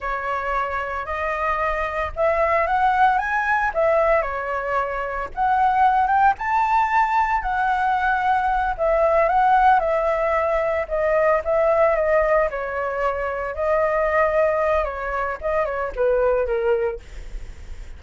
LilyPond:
\new Staff \with { instrumentName = "flute" } { \time 4/4 \tempo 4 = 113 cis''2 dis''2 | e''4 fis''4 gis''4 e''4 | cis''2 fis''4. g''8 | a''2 fis''2~ |
fis''8 e''4 fis''4 e''4.~ | e''8 dis''4 e''4 dis''4 cis''8~ | cis''4. dis''2~ dis''8 | cis''4 dis''8 cis''8 b'4 ais'4 | }